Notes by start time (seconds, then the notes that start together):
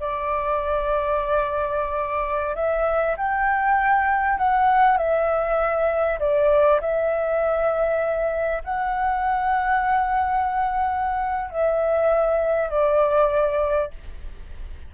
0.00 D5
2.55 E5
3.17 G5
4.38 F#5
4.98 E5
6.20 D5
6.81 E5
8.64 F#5
11.50 E5
12.70 D5